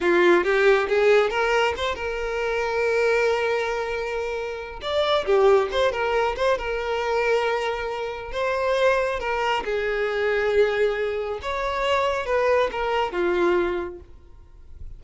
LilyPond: \new Staff \with { instrumentName = "violin" } { \time 4/4 \tempo 4 = 137 f'4 g'4 gis'4 ais'4 | c''8 ais'2.~ ais'8~ | ais'2. d''4 | g'4 c''8 ais'4 c''8 ais'4~ |
ais'2. c''4~ | c''4 ais'4 gis'2~ | gis'2 cis''2 | b'4 ais'4 f'2 | }